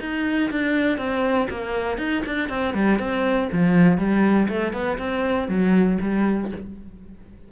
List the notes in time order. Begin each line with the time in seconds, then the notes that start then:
0.00 D#4
0.51 D4
0.98 C4
1.50 A#3
1.98 D#4
2.26 D4
2.49 C4
2.74 G3
2.99 C4
3.52 F3
3.97 G3
4.49 A3
4.73 B3
4.98 C4
5.48 F#3
6.02 G3